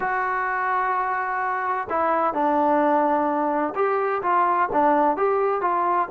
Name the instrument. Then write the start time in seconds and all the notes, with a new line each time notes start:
trombone
0.00 F#4
1.89 E4
2.33 D4
3.75 G4
4.22 F4
4.72 D4
5.16 G4
5.61 F4